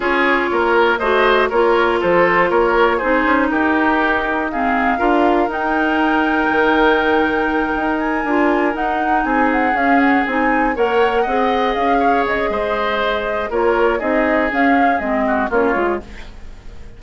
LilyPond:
<<
  \new Staff \with { instrumentName = "flute" } { \time 4/4 \tempo 4 = 120 cis''2 dis''4 cis''4 | c''4 cis''4 c''4 ais'4~ | ais'4 f''2 g''4~ | g''1 |
gis''4. fis''4 gis''8 fis''8 f''8 | fis''8 gis''4 fis''2 f''8~ | f''8 dis''2~ dis''8 cis''4 | dis''4 f''4 dis''4 cis''4 | }
  \new Staff \with { instrumentName = "oboe" } { \time 4/4 gis'4 ais'4 c''4 ais'4 | a'4 ais'4 gis'4 g'4~ | g'4 gis'4 ais'2~ | ais'1~ |
ais'2~ ais'8 gis'4.~ | gis'4. cis''4 dis''4. | cis''4 c''2 ais'4 | gis'2~ gis'8 fis'8 f'4 | }
  \new Staff \with { instrumentName = "clarinet" } { \time 4/4 f'2 fis'4 f'4~ | f'2 dis'2~ | dis'4 c'4 f'4 dis'4~ | dis'1~ |
dis'8 f'4 dis'2 cis'8~ | cis'8 dis'4 ais'4 gis'4.~ | gis'2. f'4 | dis'4 cis'4 c'4 cis'8 f'8 | }
  \new Staff \with { instrumentName = "bassoon" } { \time 4/4 cis'4 ais4 a4 ais4 | f4 ais4 c'8 cis'8 dis'4~ | dis'2 d'4 dis'4~ | dis'4 dis2~ dis8 dis'8~ |
dis'8 d'4 dis'4 c'4 cis'8~ | cis'8 c'4 ais4 c'4 cis'8~ | cis'8 cis8 gis2 ais4 | c'4 cis'4 gis4 ais8 gis8 | }
>>